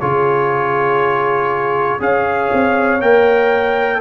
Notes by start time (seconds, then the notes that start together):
0.00 C#3 F4 G#4 C#5
1.99 C#4 G#4 C#5 F5
2.53 C4
3.01 A#3 A#4 G5